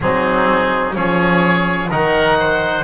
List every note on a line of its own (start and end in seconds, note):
0.01 0.95 F#3
0.01 0.93 C4
0.01 0.96 D#4
0.01 0.95 G#4
0.93 1.90 F3
0.93 1.88 C#4
0.93 1.90 G#4
0.93 1.90 C#5
1.90 2.84 D#3
1.90 2.84 D#4
1.90 2.37 A#4
1.90 2.84 F#5
2.39 2.84 C5